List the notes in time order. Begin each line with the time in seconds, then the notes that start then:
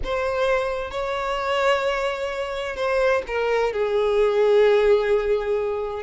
0.03 C5
0.90 C#5
2.76 C5
3.27 A#4
3.73 G#4